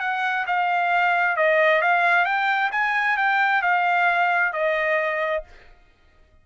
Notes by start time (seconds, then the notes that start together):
0.00 F#5
0.47 F5
1.36 D#5
1.81 F5
2.25 G5
2.72 G#5
3.17 G5
3.62 F5
4.53 D#5